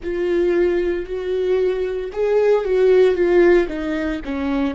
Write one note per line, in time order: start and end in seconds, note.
0.03 1.05 F4
1.05 2.11 F#4
2.12 2.65 G#4
2.65 3.14 F#4
3.14 3.67 F4
3.67 4.20 D#4
4.24 4.74 C#4